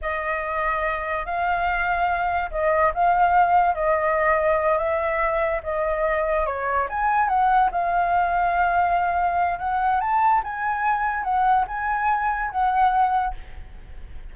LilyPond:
\new Staff \with { instrumentName = "flute" } { \time 4/4 \tempo 4 = 144 dis''2. f''4~ | f''2 dis''4 f''4~ | f''4 dis''2~ dis''8 e''8~ | e''4. dis''2 cis''8~ |
cis''8 gis''4 fis''4 f''4.~ | f''2. fis''4 | a''4 gis''2 fis''4 | gis''2 fis''2 | }